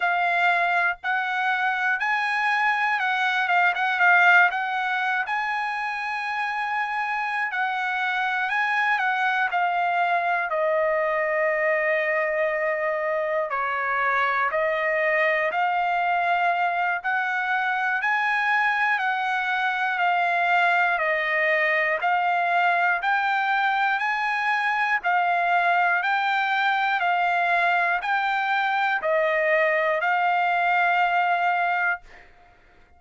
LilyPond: \new Staff \with { instrumentName = "trumpet" } { \time 4/4 \tempo 4 = 60 f''4 fis''4 gis''4 fis''8 f''16 fis''16 | f''8 fis''8. gis''2~ gis''16 fis''8~ | fis''8 gis''8 fis''8 f''4 dis''4.~ | dis''4. cis''4 dis''4 f''8~ |
f''4 fis''4 gis''4 fis''4 | f''4 dis''4 f''4 g''4 | gis''4 f''4 g''4 f''4 | g''4 dis''4 f''2 | }